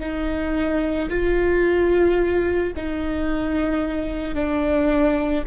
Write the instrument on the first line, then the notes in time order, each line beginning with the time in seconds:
viola
0.00 D#4
1.10 F4
2.76 D#4
4.35 D4